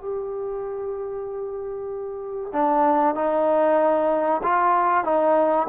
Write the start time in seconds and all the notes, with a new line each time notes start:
0.00 G4
2.53 D4
3.15 D#4
4.43 F4
5.04 D#4